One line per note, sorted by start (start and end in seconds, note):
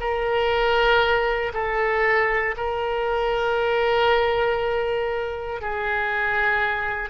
0.00 1.53 A#4
1.53 2.55 A4
2.57 5.61 A#4
5.61 7.10 G#4